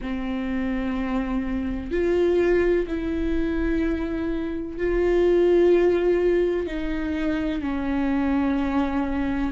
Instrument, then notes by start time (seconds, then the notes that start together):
viola
0.01 C4
1.91 F4
2.87 E4
4.77 F4
6.66 D#4
7.61 C#4